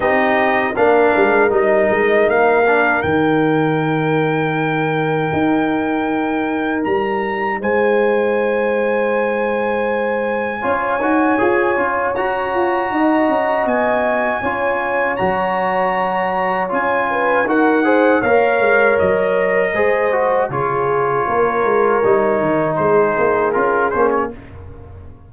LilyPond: <<
  \new Staff \with { instrumentName = "trumpet" } { \time 4/4 \tempo 4 = 79 dis''4 f''4 dis''4 f''4 | g''1~ | g''4 ais''4 gis''2~ | gis''1 |
ais''2 gis''2 | ais''2 gis''4 fis''4 | f''4 dis''2 cis''4~ | cis''2 c''4 ais'8 c''16 cis''16 | }
  \new Staff \with { instrumentName = "horn" } { \time 4/4 g'4 ais'2.~ | ais'1~ | ais'2 c''2~ | c''2 cis''2~ |
cis''4 dis''2 cis''4~ | cis''2~ cis''8 b'8 ais'8 c''8 | cis''2 c''4 gis'4 | ais'2 gis'2 | }
  \new Staff \with { instrumentName = "trombone" } { \time 4/4 dis'4 d'4 dis'4. d'8 | dis'1~ | dis'1~ | dis'2 f'8 fis'8 gis'8 f'8 |
fis'2. f'4 | fis'2 f'4 fis'8 gis'8 | ais'2 gis'8 fis'8 f'4~ | f'4 dis'2 f'8 cis'8 | }
  \new Staff \with { instrumentName = "tuba" } { \time 4/4 c'4 ais8 gis8 g8 gis8 ais4 | dis2. dis'4~ | dis'4 g4 gis2~ | gis2 cis'8 dis'8 f'8 cis'8 |
fis'8 f'8 dis'8 cis'8 b4 cis'4 | fis2 cis'4 dis'4 | ais8 gis8 fis4 gis4 cis4 | ais8 gis8 g8 dis8 gis8 ais8 cis'8 ais8 | }
>>